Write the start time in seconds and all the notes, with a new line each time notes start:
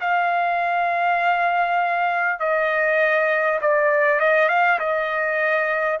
0.00 F5
2.39 D#5
3.61 D5
4.19 D#5
4.48 F5
4.79 D#5